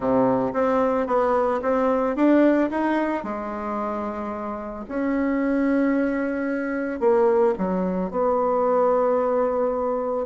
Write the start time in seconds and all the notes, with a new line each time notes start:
0.00 C3
0.53 C4
1.06 B3
1.61 C4
2.15 D4
2.70 D#4
3.23 G#3
4.88 C#4
7.00 A#3
7.57 F#3
8.11 B3